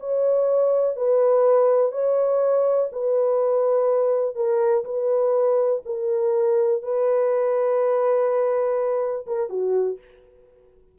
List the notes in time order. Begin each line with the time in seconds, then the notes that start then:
0.00 C#5
0.97 B4
1.92 C#5
2.93 B4
4.36 A#4
4.85 B4
5.86 A#4
6.83 B4
9.27 A#4
9.50 F#4